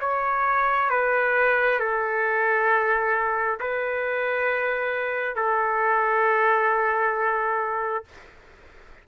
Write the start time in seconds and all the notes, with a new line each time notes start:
0.00 C#5
0.90 B4
1.80 A4
3.60 B4
5.35 A4